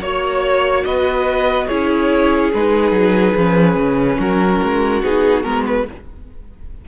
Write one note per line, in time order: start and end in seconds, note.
0.00 0.83 A#3
0.00 1.69 F#4
0.00 0.84 C#5
0.84 1.68 B3
0.84 1.67 B4
0.84 1.67 D#5
1.67 2.53 C#4
1.67 2.52 E4
1.67 4.17 G#4
1.67 2.51 C#5
2.53 2.91 G#3
2.53 3.37 D#4
2.53 4.19 B4
2.91 3.33 F#3
3.35 3.75 F3
3.35 5.04 C#4
3.75 4.17 C#3
4.18 4.60 F#3
4.18 5.85 F#4
4.18 5.03 A#4
4.62 5.02 G#3
5.02 5.44 B3
5.02 5.44 D#4
5.02 5.43 G#4
5.43 5.87 G#3
5.43 5.86 B3
5.43 5.64 A#4
5.66 5.87 B4